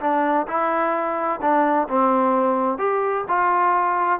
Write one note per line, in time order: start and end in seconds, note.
0.00 0.47 D4
0.47 1.40 E4
1.41 1.88 D4
1.88 2.78 C4
2.78 3.24 G4
3.28 4.19 F4